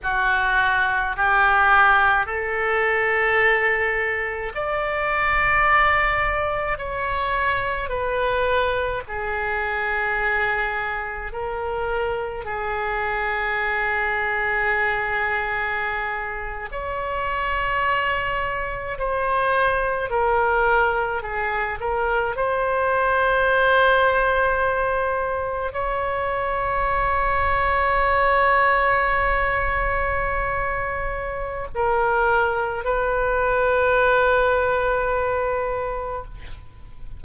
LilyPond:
\new Staff \with { instrumentName = "oboe" } { \time 4/4 \tempo 4 = 53 fis'4 g'4 a'2 | d''2 cis''4 b'4 | gis'2 ais'4 gis'4~ | gis'2~ gis'8. cis''4~ cis''16~ |
cis''8. c''4 ais'4 gis'8 ais'8 c''16~ | c''2~ c''8. cis''4~ cis''16~ | cis''1 | ais'4 b'2. | }